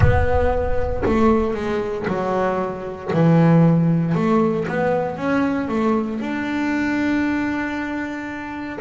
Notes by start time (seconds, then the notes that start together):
0.00 B3
1.05 A3
1.54 G#3
2.07 F#3
3.13 E3
4.14 A3
4.68 B3
5.17 C#4
5.68 A3
6.20 D4